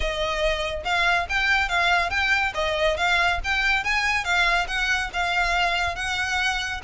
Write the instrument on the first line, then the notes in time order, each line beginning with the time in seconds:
violin
0.00 D#5
0.84 F5
1.29 G5
1.68 F5
2.10 G5
2.54 D#5
2.97 F5
3.44 G5
3.84 G#5
4.24 F5
4.67 F#5
5.13 F5
5.95 F#5